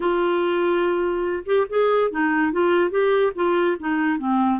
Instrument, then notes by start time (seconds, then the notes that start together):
clarinet
0.00 F4
1.45 G4
1.69 G#4
2.11 D#4
2.52 F4
2.90 G4
3.35 F4
3.79 D#4
4.18 C4